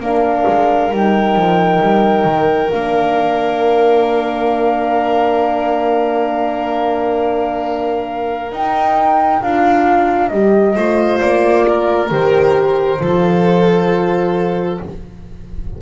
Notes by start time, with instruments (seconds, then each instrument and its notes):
0.00 double bass A#3, horn D4, violin A#4, flute F5
0.48 double bass G#3
0.91 double bass G3, horn D#4, flute G5
1.36 double bass F3
1.81 double bass G3
2.24 double bass D#3
2.70 double bass A#3, horn D4, flute F5
8.52 horn D#4, double bass D#4, flute G5
9.42 double bass D4, horn F4, flute F5
10.29 double bass G3, horn G4, flute D#5
10.76 double bass A3, horn F4, violin C5
11.20 double bass A#3, flute D5
11.68 violin A#4
12.10 double bass D#3, horn G4, flute C5
13.01 double bass F3, horn F4, violin A4